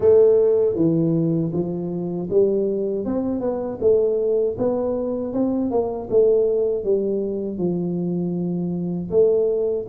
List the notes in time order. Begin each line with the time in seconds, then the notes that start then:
0.00 A3
0.75 E3
1.52 F3
2.30 G3
3.05 C4
3.40 B3
3.80 A3
4.58 B3
5.33 C4
5.70 A#3
6.10 A3
6.84 G3
7.58 F3
9.10 A3